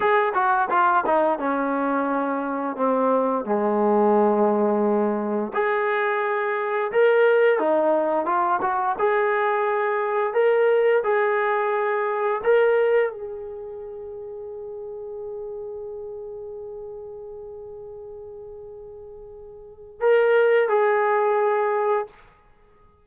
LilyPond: \new Staff \with { instrumentName = "trombone" } { \time 4/4 \tempo 4 = 87 gis'8 fis'8 f'8 dis'8 cis'2 | c'4 gis2. | gis'2 ais'4 dis'4 | f'8 fis'8 gis'2 ais'4 |
gis'2 ais'4 gis'4~ | gis'1~ | gis'1~ | gis'4 ais'4 gis'2 | }